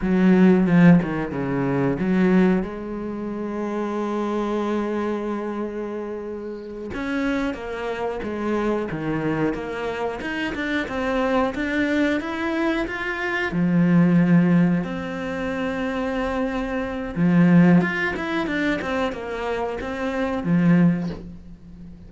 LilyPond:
\new Staff \with { instrumentName = "cello" } { \time 4/4 \tempo 4 = 91 fis4 f8 dis8 cis4 fis4 | gis1~ | gis2~ gis8 cis'4 ais8~ | ais8 gis4 dis4 ais4 dis'8 |
d'8 c'4 d'4 e'4 f'8~ | f'8 f2 c'4.~ | c'2 f4 f'8 e'8 | d'8 c'8 ais4 c'4 f4 | }